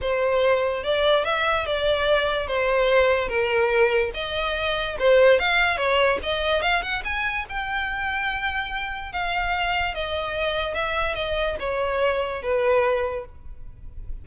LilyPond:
\new Staff \with { instrumentName = "violin" } { \time 4/4 \tempo 4 = 145 c''2 d''4 e''4 | d''2 c''2 | ais'2 dis''2 | c''4 f''4 cis''4 dis''4 |
f''8 fis''8 gis''4 g''2~ | g''2 f''2 | dis''2 e''4 dis''4 | cis''2 b'2 | }